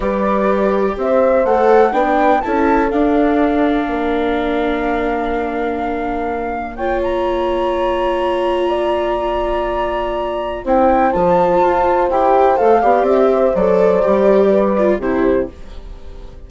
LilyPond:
<<
  \new Staff \with { instrumentName = "flute" } { \time 4/4 \tempo 4 = 124 d''2 e''4 fis''4 | g''4 a''4 f''2~ | f''1~ | f''2 g''8 ais''4.~ |
ais''1~ | ais''2 g''4 a''4~ | a''4 g''4 f''4 e''4 | d''2. c''4 | }
  \new Staff \with { instrumentName = "horn" } { \time 4/4 b'2 c''2 | b'4 a'2. | ais'1~ | ais'2 cis''2~ |
cis''2 d''2~ | d''2 c''2~ | c''2~ c''8 d''4 c''8~ | c''2 b'4 g'4 | }
  \new Staff \with { instrumentName = "viola" } { \time 4/4 g'2. a'4 | d'4 e'4 d'2~ | d'1~ | d'2 f'2~ |
f'1~ | f'2 e'4 f'4~ | f'4 g'4 a'8 g'4. | a'4 g'4. f'8 e'4 | }
  \new Staff \with { instrumentName = "bassoon" } { \time 4/4 g2 c'4 a4 | b4 cis'4 d'2 | ais1~ | ais1~ |
ais1~ | ais2 c'4 f4 | f'4 e'4 a8 b8 c'4 | fis4 g2 c4 | }
>>